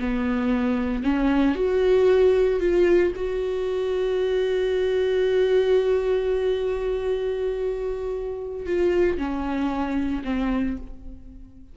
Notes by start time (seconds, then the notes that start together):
0.00 B3
1.04 C#4
1.56 F#4
2.61 F4
3.16 F#4
8.66 F4
9.18 C#4
10.24 C4